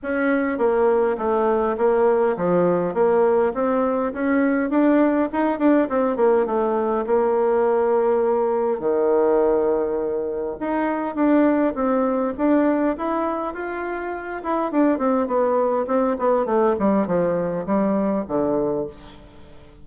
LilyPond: \new Staff \with { instrumentName = "bassoon" } { \time 4/4 \tempo 4 = 102 cis'4 ais4 a4 ais4 | f4 ais4 c'4 cis'4 | d'4 dis'8 d'8 c'8 ais8 a4 | ais2. dis4~ |
dis2 dis'4 d'4 | c'4 d'4 e'4 f'4~ | f'8 e'8 d'8 c'8 b4 c'8 b8 | a8 g8 f4 g4 d4 | }